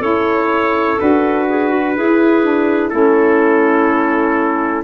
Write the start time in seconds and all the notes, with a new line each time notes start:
0.00 C#4 E4 A4 C#5
0.99 D4 F#4 B4
1.49 G#4
1.69 F#4
1.96 E4 G#4
2.43 D4
2.89 A3 C#4 E4 A4